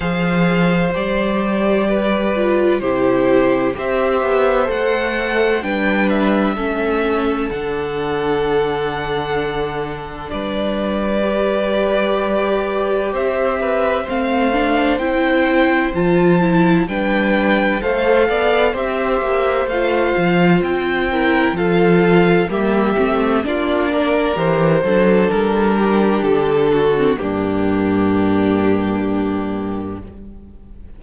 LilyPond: <<
  \new Staff \with { instrumentName = "violin" } { \time 4/4 \tempo 4 = 64 f''4 d''2 c''4 | e''4 fis''4 g''8 e''4. | fis''2. d''4~ | d''2 e''4 f''4 |
g''4 a''4 g''4 f''4 | e''4 f''4 g''4 f''4 | e''4 d''4 c''4 ais'4 | a'4 g'2. | }
  \new Staff \with { instrumentName = "violin" } { \time 4/4 c''2 b'4 g'4 | c''2 b'4 a'4~ | a'2. b'4~ | b'2 c''8 b'8 c''4~ |
c''2 b'4 c''8 d''8 | c''2~ c''8 ais'8 a'4 | g'4 f'8 ais'4 a'4 g'8~ | g'8 fis'8 d'2. | }
  \new Staff \with { instrumentName = "viola" } { \time 4/4 gis'4 g'4. f'8 e'4 | g'4 a'4 d'4 cis'4 | d'1 | g'2. c'8 d'8 |
e'4 f'8 e'8 d'4 a'4 | g'4 f'4. e'8 f'4 | ais8 c'8 d'4 g'8 d'4.~ | d'8. c'16 ais2. | }
  \new Staff \with { instrumentName = "cello" } { \time 4/4 f4 g2 c4 | c'8 b8 a4 g4 a4 | d2. g4~ | g2 c'4 a4 |
c'4 f4 g4 a8 b8 | c'8 ais8 a8 f8 c'4 f4 | g8 a8 ais4 e8 fis8 g4 | d4 g,2. | }
>>